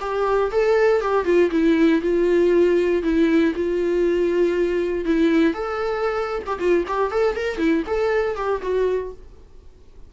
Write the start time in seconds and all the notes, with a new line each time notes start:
0.00 G4
0.52 A4
1.01 G4
1.25 F4
1.51 E4
2.02 F4
3.03 E4
3.55 F4
5.05 E4
5.54 A4
6.46 G4
6.59 F4
6.88 G4
7.11 A4
7.35 A#4
7.58 E4
7.87 A4
8.36 G4
8.62 F#4